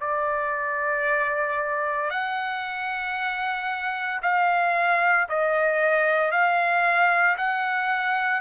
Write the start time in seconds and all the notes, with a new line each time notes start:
0.00 D5
2.10 F#5
4.22 F5
5.29 D#5
6.31 F5
7.37 F#5